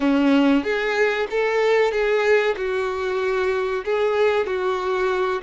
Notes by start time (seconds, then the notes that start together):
0.00 C#4
0.63 G#4
1.30 A4
1.91 G#4
2.56 F#4
3.85 G#4
4.46 F#4